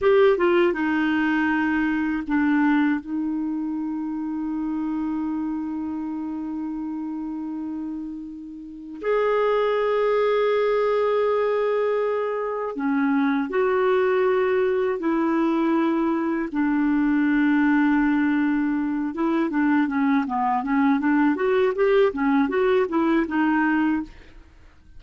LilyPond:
\new Staff \with { instrumentName = "clarinet" } { \time 4/4 \tempo 4 = 80 g'8 f'8 dis'2 d'4 | dis'1~ | dis'1 | gis'1~ |
gis'4 cis'4 fis'2 | e'2 d'2~ | d'4. e'8 d'8 cis'8 b8 cis'8 | d'8 fis'8 g'8 cis'8 fis'8 e'8 dis'4 | }